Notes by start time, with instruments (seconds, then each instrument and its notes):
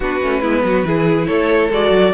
0.00 cello B3, viola D4, violin F#4 B4
0.21 cello A3, viola C#4
0.41 cello G#3, viola B3, violin E4
0.64 cello F#3, violin F#4
0.84 cello E3, viola E4, violin G#4
1.26 cello A3, violin A4 C#5
1.70 cello G#3, viola F#4, violin D5
1.90 cello F#3